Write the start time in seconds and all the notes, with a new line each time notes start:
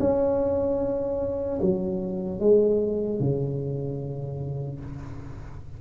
0.00 C#4
1.62 F#3
2.40 G#3
3.20 C#3